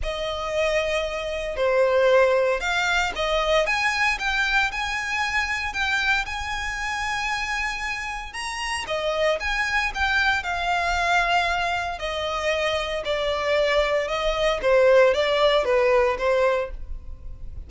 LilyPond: \new Staff \with { instrumentName = "violin" } { \time 4/4 \tempo 4 = 115 dis''2. c''4~ | c''4 f''4 dis''4 gis''4 | g''4 gis''2 g''4 | gis''1 |
ais''4 dis''4 gis''4 g''4 | f''2. dis''4~ | dis''4 d''2 dis''4 | c''4 d''4 b'4 c''4 | }